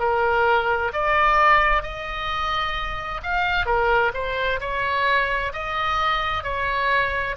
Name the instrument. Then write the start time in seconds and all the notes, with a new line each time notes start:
oboe
0.00 A#4
0.94 D5
1.83 D#5
3.23 F5
3.66 A#4
4.15 C5
4.61 C#5
5.53 D#5
6.44 C#5